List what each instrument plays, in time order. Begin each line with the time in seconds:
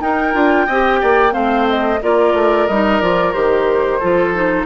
0.00 bassoon D#4, clarinet D#4, oboe A#4, flute G5
0.33 bassoon D4, clarinet F4
0.66 bassoon C4, clarinet G4, oboe D#5
1.01 bassoon A#3, oboe D5
1.31 bassoon A3, clarinet C4, oboe C5, flute F5
1.69 flute D#5
2.02 bassoon A#3, clarinet F4, oboe A#4, flute D5
2.34 bassoon A3
2.67 bassoon G3, clarinet D#4, flute D#5
3.00 bassoon F3, clarinet F4, flute D5
3.33 bassoon D#3, clarinet G4, flute C5
3.99 bassoon F3, clarinet F4, oboe A4
4.34 clarinet D#4